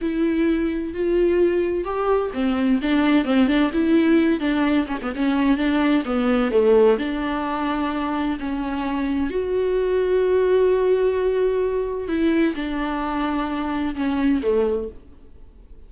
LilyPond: \new Staff \with { instrumentName = "viola" } { \time 4/4 \tempo 4 = 129 e'2 f'2 | g'4 c'4 d'4 c'8 d'8 | e'4. d'4 cis'16 b16 cis'4 | d'4 b4 a4 d'4~ |
d'2 cis'2 | fis'1~ | fis'2 e'4 d'4~ | d'2 cis'4 a4 | }